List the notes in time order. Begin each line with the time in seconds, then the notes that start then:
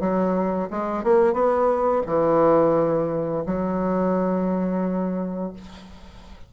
0.00 F#3
0.71 G#3
1.04 A#3
1.33 B3
2.07 E3
3.46 F#3